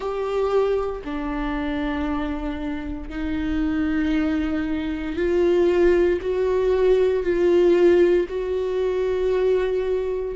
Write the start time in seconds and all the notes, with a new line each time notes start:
0.00 G4
1.04 D4
3.09 D#4
5.16 F4
6.21 F#4
7.23 F4
8.28 F#4